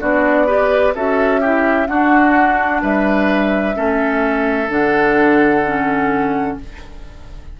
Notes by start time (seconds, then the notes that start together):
0.00 B3 D4 F#4 D5
0.46 G4 B4
0.94 C#4 F#4 A4 E5
1.40 E4 G4
1.86 D4 F#4 F#5
2.81 G3 B4 E5
3.74 A3 C#4 A4
4.68 D3 D4 F#5
5.66 C#4